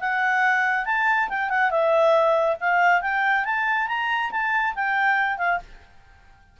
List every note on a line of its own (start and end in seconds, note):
0.00 0.86 F#5
0.86 1.29 A5
1.29 1.50 G5
1.50 1.71 F#5
1.71 2.57 E5
2.61 3.02 F5
3.02 3.45 G5
3.45 3.88 A5
3.88 4.31 A#5
4.31 4.75 A5
4.75 5.38 G5
5.38 5.60 F5